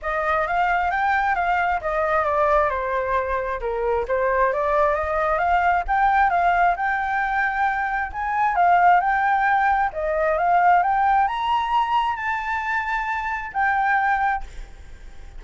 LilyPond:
\new Staff \with { instrumentName = "flute" } { \time 4/4 \tempo 4 = 133 dis''4 f''4 g''4 f''4 | dis''4 d''4 c''2 | ais'4 c''4 d''4 dis''4 | f''4 g''4 f''4 g''4~ |
g''2 gis''4 f''4 | g''2 dis''4 f''4 | g''4 ais''2 a''4~ | a''2 g''2 | }